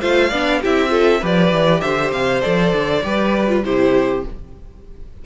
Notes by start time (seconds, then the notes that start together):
0.00 A3 F4 C5 F5
0.29 B3 D4 D5
0.61 C4 E4 G4 E5
0.88 F4 A4
1.20 F3 G4 B4 D5
1.51 E3
1.81 D3 C5 E5
2.11 C3 F5
2.41 F3 A4 D5
2.73 D3
3.03 G3 G4 B4
3.48 F4
3.63 C3 E4 G4 C5